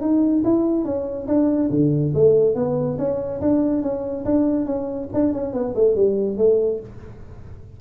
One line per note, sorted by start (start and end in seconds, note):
0.00 0.43 D#4
0.44 0.84 E4
0.84 1.27 C#4
1.27 1.69 D4
1.70 2.12 D3
2.14 2.54 A3
2.54 2.97 B3
2.98 3.40 C#4
3.40 3.82 D4
3.82 4.24 C#4
4.24 4.65 D4
4.65 5.08 C#4
5.13 5.32 D4
5.32 5.53 C#4
5.53 5.74 B3
5.75 5.95 A3
5.95 6.37 G3
6.37 6.79 A3